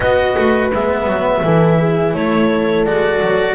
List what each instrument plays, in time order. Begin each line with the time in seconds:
0.00 double bass B3, cello F#4, horn B4, clarinet D#5
0.37 double bass A3
0.73 double bass G#3, cello B3, clarinet E5
1.06 double bass F#3
1.42 double bass E3, cello E4, horn A4
1.78 horn G#4
2.14 double bass A3, horn A4, clarinet C#5
2.85 double bass G#3, cello F#4, clarinet D5
3.22 double bass F#3